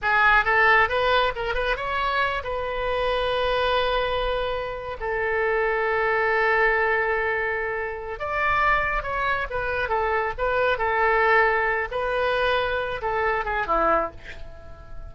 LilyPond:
\new Staff \with { instrumentName = "oboe" } { \time 4/4 \tempo 4 = 136 gis'4 a'4 b'4 ais'8 b'8 | cis''4. b'2~ b'8~ | b'2.~ b'16 a'8.~ | a'1~ |
a'2~ a'8 d''4.~ | d''8 cis''4 b'4 a'4 b'8~ | b'8 a'2~ a'8 b'4~ | b'4. a'4 gis'8 e'4 | }